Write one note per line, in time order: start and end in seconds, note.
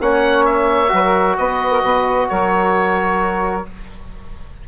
0.00 0.92 A#3
0.00 0.88 C#4
0.00 0.92 C#5
0.00 0.45 F#5
0.45 1.37 E5
0.88 1.38 F#3
0.88 3.63 F#4
0.95 1.03 B4
1.03 1.37 A#4
1.37 1.83 B3
1.37 1.71 B4
1.37 2.29 D#5
1.71 1.82 A#4
1.83 2.29 B2
1.83 2.29 B4
2.29 3.68 F#3
2.29 3.68 A#4
2.29 3.66 C#5